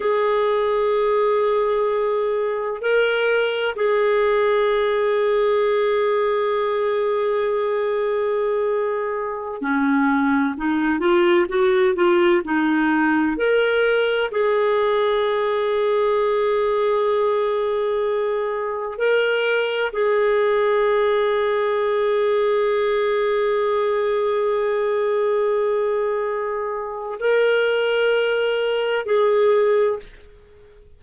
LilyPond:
\new Staff \with { instrumentName = "clarinet" } { \time 4/4 \tempo 4 = 64 gis'2. ais'4 | gis'1~ | gis'2~ gis'16 cis'4 dis'8 f'16~ | f'16 fis'8 f'8 dis'4 ais'4 gis'8.~ |
gis'1~ | gis'16 ais'4 gis'2~ gis'8.~ | gis'1~ | gis'4 ais'2 gis'4 | }